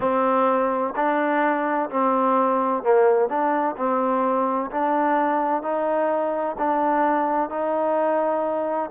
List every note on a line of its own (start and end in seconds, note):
0.00 0.94 C4
0.95 1.89 D4
1.90 2.83 C4
2.83 3.28 A#3
3.28 3.75 D4
3.76 4.70 C4
4.70 5.62 D4
5.62 6.56 D#4
6.58 7.49 D4
7.49 8.90 D#4